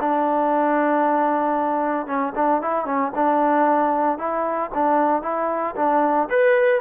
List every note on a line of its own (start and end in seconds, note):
0.00 2.06 D4
2.06 2.33 C#4
2.35 2.61 D4
2.61 2.85 E4
2.85 3.11 C#4
3.14 4.18 D4
4.18 4.70 E4
4.74 5.22 D4
5.22 5.74 E4
5.76 6.28 D4
6.29 6.80 B4